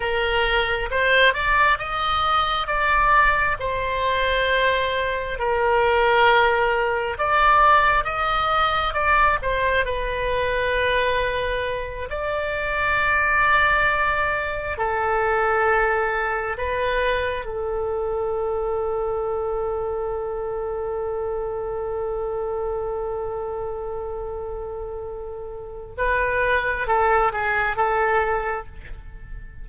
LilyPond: \new Staff \with { instrumentName = "oboe" } { \time 4/4 \tempo 4 = 67 ais'4 c''8 d''8 dis''4 d''4 | c''2 ais'2 | d''4 dis''4 d''8 c''8 b'4~ | b'4. d''2~ d''8~ |
d''8 a'2 b'4 a'8~ | a'1~ | a'1~ | a'4 b'4 a'8 gis'8 a'4 | }